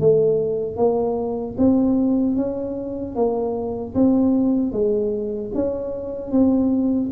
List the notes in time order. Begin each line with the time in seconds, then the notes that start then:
0.00 A3
0.76 A#3
1.58 C4
2.36 C#4
3.15 A#3
3.94 C4
4.72 G#3
5.54 C#4
6.31 C4